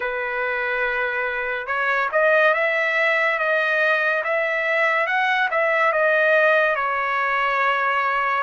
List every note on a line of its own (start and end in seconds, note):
0.00 1.67 B4
1.67 2.09 C#5
2.12 2.54 D#5
2.54 3.38 E5
3.38 4.23 D#5
4.24 5.06 E5
5.06 5.49 F#5
5.50 5.92 E5
5.92 6.75 D#5
6.75 8.43 C#5